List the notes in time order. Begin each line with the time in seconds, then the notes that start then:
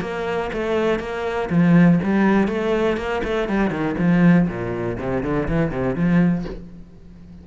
0.00 A#3
0.53 A3
0.99 A#3
1.49 F3
2.03 G3
2.47 A3
2.96 A#3
3.23 A3
3.48 G3
3.70 D#3
3.98 F3
4.48 A#2
4.99 C3
5.22 D3
5.48 E3
5.70 C3
5.95 F3